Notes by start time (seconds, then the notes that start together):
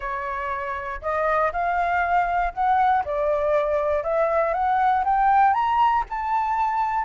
0.00 C#5
1.01 D#5
1.52 F5
2.53 F#5
3.04 D5
4.03 E5
4.53 F#5
5.04 G5
5.53 A#5
6.09 A5